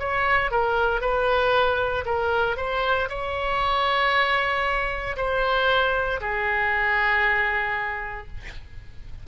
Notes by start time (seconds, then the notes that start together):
0.00 C#5
0.52 A#4
1.02 B4
2.05 A#4
2.57 C5
3.09 C#5
5.17 C5
6.21 G#4